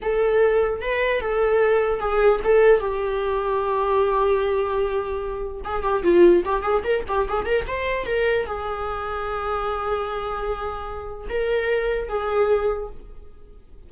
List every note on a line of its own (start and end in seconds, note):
0.02 0.81 A4
0.81 1.21 B4
1.21 2.00 A4
2.00 2.40 G#4
2.44 2.79 A4
2.79 5.61 G4
5.64 5.82 G#4
5.82 6.03 G4
6.03 6.43 F4
6.45 6.62 G4
6.62 6.82 G#4
6.83 7.04 A#4
7.08 7.28 G4
7.28 7.45 G#4
7.45 7.65 A#4
7.67 8.06 C5
8.06 8.46 A#4
8.46 11.28 G#4
11.29 12.08 A#4
12.08 12.89 G#4